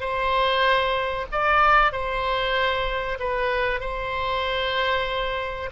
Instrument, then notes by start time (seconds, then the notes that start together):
oboe
0.00 C5
1.31 D5
1.92 C5
3.19 B4
3.80 C5